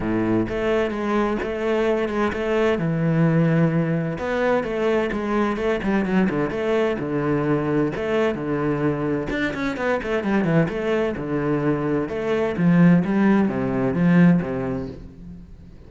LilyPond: \new Staff \with { instrumentName = "cello" } { \time 4/4 \tempo 4 = 129 a,4 a4 gis4 a4~ | a8 gis8 a4 e2~ | e4 b4 a4 gis4 | a8 g8 fis8 d8 a4 d4~ |
d4 a4 d2 | d'8 cis'8 b8 a8 g8 e8 a4 | d2 a4 f4 | g4 c4 f4 c4 | }